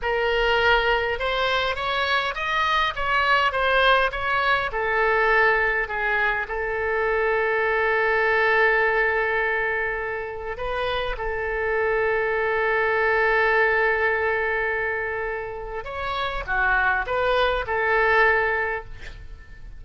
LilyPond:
\new Staff \with { instrumentName = "oboe" } { \time 4/4 \tempo 4 = 102 ais'2 c''4 cis''4 | dis''4 cis''4 c''4 cis''4 | a'2 gis'4 a'4~ | a'1~ |
a'2 b'4 a'4~ | a'1~ | a'2. cis''4 | fis'4 b'4 a'2 | }